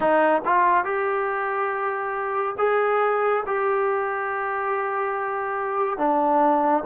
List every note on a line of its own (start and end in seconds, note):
0.00 0.42 D#4
0.45 0.84 F4
0.84 2.55 G4
2.58 3.43 G#4
3.46 5.98 G4
5.98 6.83 D4